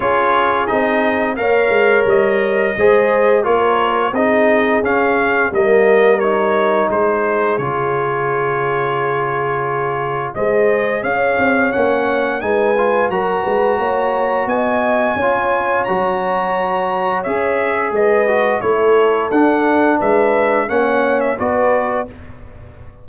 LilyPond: <<
  \new Staff \with { instrumentName = "trumpet" } { \time 4/4 \tempo 4 = 87 cis''4 dis''4 f''4 dis''4~ | dis''4 cis''4 dis''4 f''4 | dis''4 cis''4 c''4 cis''4~ | cis''2. dis''4 |
f''4 fis''4 gis''4 ais''4~ | ais''4 gis''2 ais''4~ | ais''4 e''4 dis''4 cis''4 | fis''4 e''4 fis''8. e''16 d''4 | }
  \new Staff \with { instrumentName = "horn" } { \time 4/4 gis'2 cis''2 | c''4 ais'4 gis'2 | ais'2 gis'2~ | gis'2. c''4 |
cis''2 b'4 ais'8 b'8 | cis''4 dis''4 cis''2~ | cis''2 b'4 a'4~ | a'4 b'4 cis''4 b'4 | }
  \new Staff \with { instrumentName = "trombone" } { \time 4/4 f'4 dis'4 ais'2 | gis'4 f'4 dis'4 cis'4 | ais4 dis'2 f'4~ | f'2. gis'4~ |
gis'4 cis'4 dis'8 f'8 fis'4~ | fis'2 f'4 fis'4~ | fis'4 gis'4. fis'8 e'4 | d'2 cis'4 fis'4 | }
  \new Staff \with { instrumentName = "tuba" } { \time 4/4 cis'4 c'4 ais8 gis8 g4 | gis4 ais4 c'4 cis'4 | g2 gis4 cis4~ | cis2. gis4 |
cis'8 c'8 ais4 gis4 fis8 gis8 | ais4 b4 cis'4 fis4~ | fis4 cis'4 gis4 a4 | d'4 gis4 ais4 b4 | }
>>